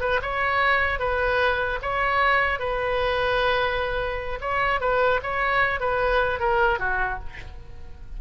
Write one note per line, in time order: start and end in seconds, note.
0.00 0.20 B4
0.21 0.99 C#5
0.99 1.79 B4
1.82 2.59 C#5
2.59 4.39 B4
4.41 4.80 C#5
4.80 5.20 B4
5.22 5.80 C#5
5.80 6.39 B4
6.39 6.79 A#4
6.79 7.19 F#4